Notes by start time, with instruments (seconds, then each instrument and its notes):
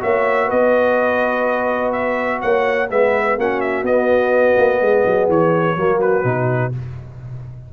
0.00 tuba A#3, trombone F#4, horn C#5, trumpet E5
0.46 tuba B3, horn B4, trumpet D#5
1.93 trumpet E5
2.42 tuba A#3, horn C#5, trumpet F#5
2.91 tuba G#3, trombone B3, horn B4, trumpet E5
3.38 tuba A#3, trombone C#4, horn F#4, trumpet F#5
3.61 trumpet E5
3.83 tuba B3, trombone B3, trumpet D#5
4.58 tuba A#3
4.81 tuba G#3, horn G#4
5.07 tuba F#3
5.29 tuba E3, trumpet C#5
5.77 tuba F#3, trombone A#3, horn F#4
6.01 trumpet B4
6.24 tuba B2, trombone D#4